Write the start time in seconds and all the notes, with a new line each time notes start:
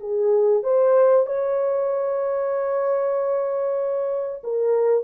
0.00 G#4
0.63 C5
1.26 C#5
4.44 A#4